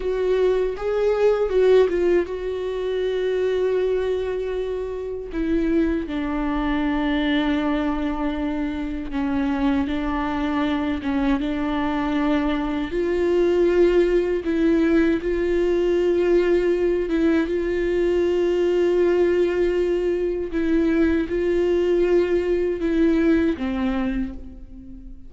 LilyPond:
\new Staff \with { instrumentName = "viola" } { \time 4/4 \tempo 4 = 79 fis'4 gis'4 fis'8 f'8 fis'4~ | fis'2. e'4 | d'1 | cis'4 d'4. cis'8 d'4~ |
d'4 f'2 e'4 | f'2~ f'8 e'8 f'4~ | f'2. e'4 | f'2 e'4 c'4 | }